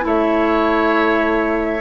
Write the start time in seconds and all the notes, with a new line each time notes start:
0.00 A3 E4
0.06 C#5 E5